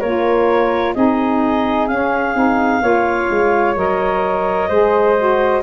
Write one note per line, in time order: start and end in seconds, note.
0.00 0.96 A#3
0.00 0.95 F4
0.00 0.94 A#4
0.00 0.94 C#5
0.94 1.89 C4
0.94 1.89 D#4
0.94 2.82 G#4
0.94 1.87 D#5
1.87 2.35 C#4
1.87 2.34 C#4
1.87 3.74 F5
2.34 2.81 C4
2.34 2.81 D#4
2.81 3.28 A#3
2.81 3.75 F4
2.81 4.69 C#5
3.30 3.76 G#3
3.76 4.69 F#3
3.76 4.69 A#4
3.76 5.63 D#5
4.69 5.63 G#3
4.69 5.17 G#4
4.69 5.62 C5
5.17 5.63 F#4